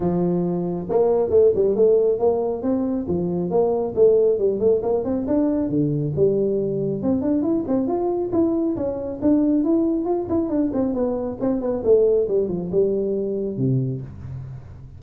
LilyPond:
\new Staff \with { instrumentName = "tuba" } { \time 4/4 \tempo 4 = 137 f2 ais4 a8 g8 | a4 ais4 c'4 f4 | ais4 a4 g8 a8 ais8 c'8 | d'4 d4 g2 |
c'8 d'8 e'8 c'8 f'4 e'4 | cis'4 d'4 e'4 f'8 e'8 | d'8 c'8 b4 c'8 b8 a4 | g8 f8 g2 c4 | }